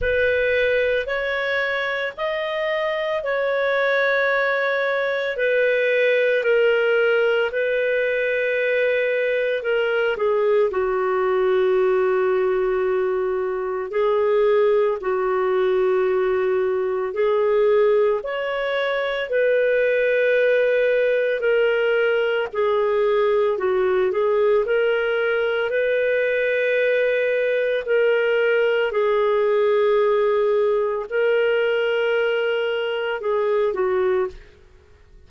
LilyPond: \new Staff \with { instrumentName = "clarinet" } { \time 4/4 \tempo 4 = 56 b'4 cis''4 dis''4 cis''4~ | cis''4 b'4 ais'4 b'4~ | b'4 ais'8 gis'8 fis'2~ | fis'4 gis'4 fis'2 |
gis'4 cis''4 b'2 | ais'4 gis'4 fis'8 gis'8 ais'4 | b'2 ais'4 gis'4~ | gis'4 ais'2 gis'8 fis'8 | }